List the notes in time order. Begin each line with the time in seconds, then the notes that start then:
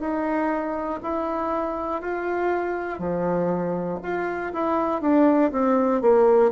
0.00 D#4
1.03 E4
2.02 F4
3.00 F3
4.03 F4
4.53 E4
5.02 D4
5.52 C4
6.02 A#3